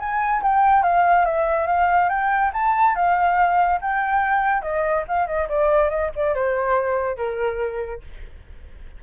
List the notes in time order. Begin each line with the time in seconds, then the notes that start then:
0.00 G#5
0.43 G5
0.83 F5
1.26 E5
1.67 F5
2.10 G5
2.54 A5
2.95 F5
3.81 G5
4.62 D#5
5.08 F5
5.27 D#5
5.49 D5
5.90 D#5
6.16 D5
6.35 C5
7.17 A#4